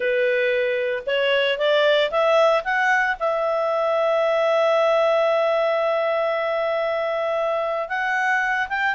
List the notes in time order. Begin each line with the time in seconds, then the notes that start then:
0.00 B4
1.06 C#5
1.58 D5
2.10 E5
2.64 F#5
3.19 E5
7.89 F#5
8.68 G5